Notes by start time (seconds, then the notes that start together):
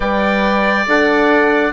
0.00 G3 B4 D5 G5
0.86 D4 A4 F#5